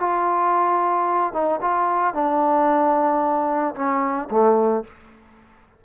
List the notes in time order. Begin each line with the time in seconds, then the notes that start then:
0.00 F4
1.33 D#4
1.61 F4
2.14 D4
3.75 C#4
4.31 A3